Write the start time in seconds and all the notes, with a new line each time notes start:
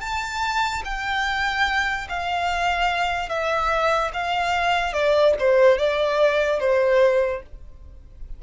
0.00 A5
0.84 G5
2.09 F5
3.28 E5
4.13 F5
4.93 D5
5.39 C5
5.78 D5
6.59 C5